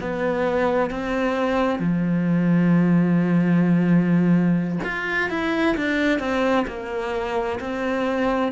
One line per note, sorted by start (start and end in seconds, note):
0.00 0.90 B3
0.90 1.79 C4
1.79 4.79 F3
4.84 5.30 F4
5.30 5.76 E4
5.76 6.19 D4
6.19 6.65 C4
6.67 7.59 A#3
7.59 8.52 C4